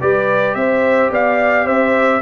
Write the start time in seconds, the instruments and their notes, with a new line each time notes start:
0.00 tuba G3, trombone G4, horn B4, trumpet D5
0.55 tuba C4, horn C5, trumpet E5
1.11 tuba B3, horn D5, trumpet F5
1.65 tuba C4, horn C5, trumpet E5